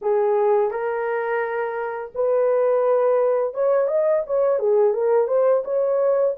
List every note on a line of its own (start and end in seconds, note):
0.01 0.70 G#4
0.70 2.11 A#4
2.14 3.54 B4
3.54 3.87 C#5
3.87 4.23 D#5
4.26 4.59 C#5
4.59 4.93 G#4
4.93 5.27 A#4
5.27 5.63 C5
5.64 6.35 C#5